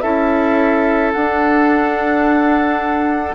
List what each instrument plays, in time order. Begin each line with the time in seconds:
0.00 bassoon C#4, clarinet E4, oboe A4, flute E5
1.12 bassoon D4, clarinet D4, flute F#5